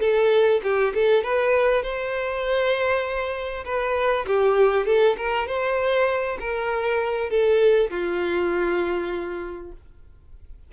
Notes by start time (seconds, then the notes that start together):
0.00 A4
0.63 G4
0.94 A4
1.23 B4
1.83 C5
3.65 B4
4.26 G4
4.86 A4
5.17 A#4
5.47 C5
6.40 A#4
7.30 A4
7.90 F4